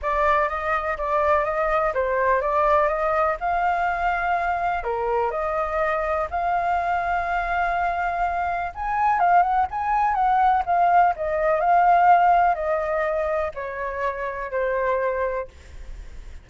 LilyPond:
\new Staff \with { instrumentName = "flute" } { \time 4/4 \tempo 4 = 124 d''4 dis''4 d''4 dis''4 | c''4 d''4 dis''4 f''4~ | f''2 ais'4 dis''4~ | dis''4 f''2.~ |
f''2 gis''4 f''8 fis''8 | gis''4 fis''4 f''4 dis''4 | f''2 dis''2 | cis''2 c''2 | }